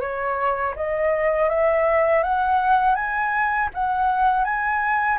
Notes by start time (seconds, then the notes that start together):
0.00 C#5
0.75 D#5
1.49 E5
2.23 F#5
2.95 G#5
3.74 F#5
4.44 G#5